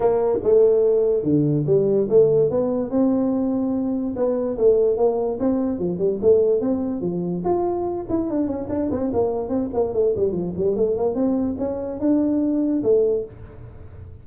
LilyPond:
\new Staff \with { instrumentName = "tuba" } { \time 4/4 \tempo 4 = 145 ais4 a2 d4 | g4 a4 b4 c'4~ | c'2 b4 a4 | ais4 c'4 f8 g8 a4 |
c'4 f4 f'4. e'8 | d'8 cis'8 d'8 c'8 ais4 c'8 ais8 | a8 g8 f8 g8 a8 ais8 c'4 | cis'4 d'2 a4 | }